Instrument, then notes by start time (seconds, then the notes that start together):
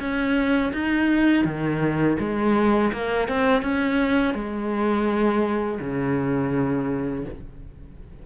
cello
0.00 C#4
0.73 D#4
1.45 D#3
2.19 G#3
2.93 A#3
3.29 C4
3.62 C#4
4.34 G#3
5.81 C#3